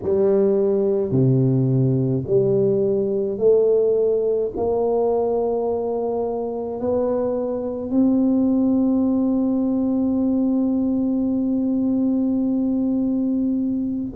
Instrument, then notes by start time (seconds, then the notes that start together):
tuba
0.03 G3
1.11 C3
2.26 G3
3.38 A3
4.56 A#3
6.80 B3
7.90 C4